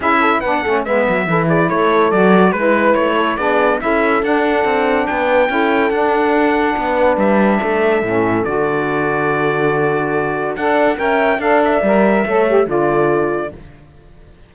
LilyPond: <<
  \new Staff \with { instrumentName = "trumpet" } { \time 4/4 \tempo 4 = 142 e''4 fis''4 e''4. d''8 | cis''4 d''4 b'4 cis''4 | d''4 e''4 fis''2 | g''2 fis''2~ |
fis''4 e''2. | d''1~ | d''4 fis''4 g''4 f''8 e''8~ | e''2 d''2 | }
  \new Staff \with { instrumentName = "horn" } { \time 4/4 gis'8 a'8 b'8 a'8 b'4 a'8 gis'8 | a'2 b'4. a'8 | gis'4 a'2. | b'4 a'2. |
b'2 a'2~ | a'1~ | a'4 d''4 e''4 d''4~ | d''4 cis''4 a'2 | }
  \new Staff \with { instrumentName = "saxophone" } { \time 4/4 e'4 d'8 cis'8 b4 e'4~ | e'4 fis'4 e'2 | d'4 e'4 d'2~ | d'4 e'4 d'2~ |
d'2. cis'4 | fis'1~ | fis'4 a'4 ais'4 a'4 | ais'4 a'8 g'8 f'2 | }
  \new Staff \with { instrumentName = "cello" } { \time 4/4 cis'4 b8 a8 gis8 fis8 e4 | a4 fis4 gis4 a4 | b4 cis'4 d'4 c'4 | b4 cis'4 d'2 |
b4 g4 a4 a,4 | d1~ | d4 d'4 cis'4 d'4 | g4 a4 d2 | }
>>